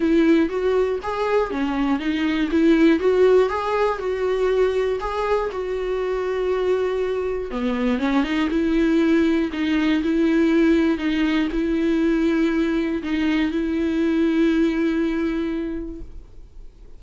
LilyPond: \new Staff \with { instrumentName = "viola" } { \time 4/4 \tempo 4 = 120 e'4 fis'4 gis'4 cis'4 | dis'4 e'4 fis'4 gis'4 | fis'2 gis'4 fis'4~ | fis'2. b4 |
cis'8 dis'8 e'2 dis'4 | e'2 dis'4 e'4~ | e'2 dis'4 e'4~ | e'1 | }